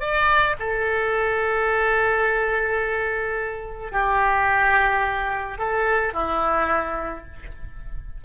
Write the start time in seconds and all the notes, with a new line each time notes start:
0.00 D5
0.59 A4
3.92 G4
5.58 A4
6.14 E4